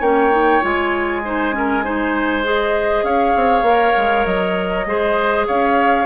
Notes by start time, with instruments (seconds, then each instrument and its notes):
0.00 bassoon A#3, clarinet C#4, oboe C#5, flute G5
0.31 clarinet D#4
0.62 bassoon G#3, clarinet F4, flute G#5
1.25 clarinet D#4, oboe C5
1.52 clarinet C#4, oboe A#4
1.83 clarinet D#4, oboe C5
2.44 clarinet G#4, flute D#5
3.03 bassoon C#4, oboe C#5, flute F5
3.36 bassoon C4
3.62 bassoon A#3, clarinet A#4
3.97 bassoon G#3
4.25 bassoon F#3, flute D#5
4.86 bassoon G#3, clarinet G#4, oboe C5
5.47 bassoon C#4, oboe C#5, flute F5